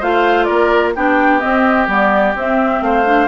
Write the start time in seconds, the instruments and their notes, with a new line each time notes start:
0.00 bassoon A3, clarinet F4, oboe C5, flute F5
0.44 bassoon A#3, oboe A#4, flute D5
0.95 bassoon B3, clarinet D4, oboe G4, flute G5
1.40 clarinet C4, bassoon C4, flute D#5
1.88 bassoon G3, clarinet B3, flute D5
2.35 bassoon C4, clarinet C4, flute E5
2.81 bassoon A3, oboe C5, flute F5
3.06 clarinet D4